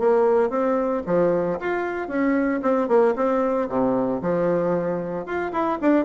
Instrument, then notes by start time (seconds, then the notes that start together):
bassoon
0.00 A#3
0.50 C4
1.07 F3
1.60 F4
2.09 C#4
2.63 C4
2.89 A#3
3.17 C4
3.69 C3
4.22 F3
5.26 F4
5.53 E4
5.82 D4